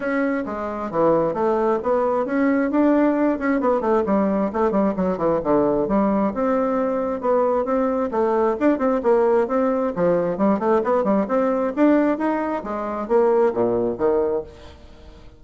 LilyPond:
\new Staff \with { instrumentName = "bassoon" } { \time 4/4 \tempo 4 = 133 cis'4 gis4 e4 a4 | b4 cis'4 d'4. cis'8 | b8 a8 g4 a8 g8 fis8 e8 | d4 g4 c'2 |
b4 c'4 a4 d'8 c'8 | ais4 c'4 f4 g8 a8 | b8 g8 c'4 d'4 dis'4 | gis4 ais4 ais,4 dis4 | }